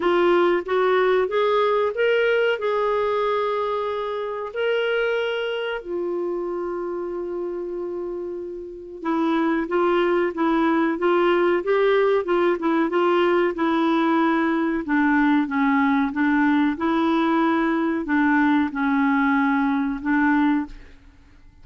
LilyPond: \new Staff \with { instrumentName = "clarinet" } { \time 4/4 \tempo 4 = 93 f'4 fis'4 gis'4 ais'4 | gis'2. ais'4~ | ais'4 f'2.~ | f'2 e'4 f'4 |
e'4 f'4 g'4 f'8 e'8 | f'4 e'2 d'4 | cis'4 d'4 e'2 | d'4 cis'2 d'4 | }